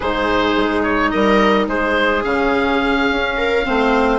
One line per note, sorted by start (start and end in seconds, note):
0.00 0.56 G#2
0.00 2.24 D#4
0.00 1.10 G#4
0.00 0.82 C5
0.56 1.12 G#3
0.83 1.10 C#5
1.10 1.67 G3
1.10 1.68 A#4
1.10 1.66 D#5
1.67 2.23 G#3
1.67 3.37 G#4
1.67 2.24 C5
2.24 3.09 C#3
2.24 3.64 C#4
2.24 4.19 F5
3.10 3.66 C#4
3.37 3.65 A#4
3.64 4.19 A3
3.64 4.19 C4
3.64 4.19 C5